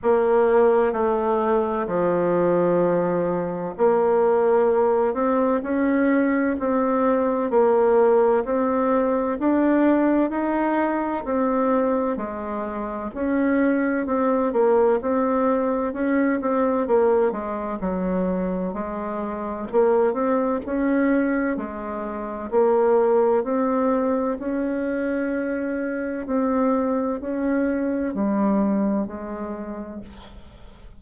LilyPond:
\new Staff \with { instrumentName = "bassoon" } { \time 4/4 \tempo 4 = 64 ais4 a4 f2 | ais4. c'8 cis'4 c'4 | ais4 c'4 d'4 dis'4 | c'4 gis4 cis'4 c'8 ais8 |
c'4 cis'8 c'8 ais8 gis8 fis4 | gis4 ais8 c'8 cis'4 gis4 | ais4 c'4 cis'2 | c'4 cis'4 g4 gis4 | }